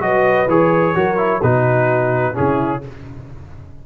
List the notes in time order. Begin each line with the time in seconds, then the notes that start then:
0.00 F#3 F#4 B4 D#5
0.47 E3 G#4 C#5
0.94 F#3 F#4 A#4
1.17 E4
1.40 B2 D#4 F#4 B4
2.34 C#3 C#4 E4 G#4